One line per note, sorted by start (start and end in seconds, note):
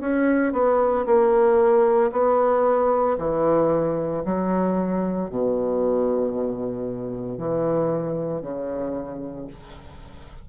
0.00 0.53 C#4
0.53 1.05 B3
1.06 2.11 A#3
2.12 3.17 B3
3.18 4.23 E3
4.25 5.30 F#3
5.30 7.38 B2
7.38 8.42 E3
8.42 9.47 C#3